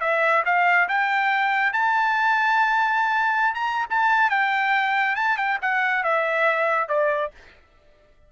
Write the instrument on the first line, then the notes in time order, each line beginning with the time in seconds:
trumpet
0.00 E5
0.45 F5
0.88 G5
1.72 A5
3.54 A#5
3.90 A5
4.30 G5
5.15 A5
5.37 G5
5.61 F#5
6.03 E5
6.88 D5